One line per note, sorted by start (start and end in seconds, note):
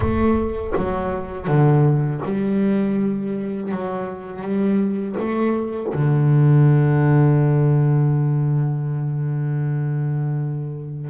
0.00 0.73 A3
0.76 1.47 F#3
1.47 2.21 D3
2.24 3.71 G3
3.71 4.41 F#3
4.41 5.15 G3
5.19 5.93 A3
5.94 11.10 D3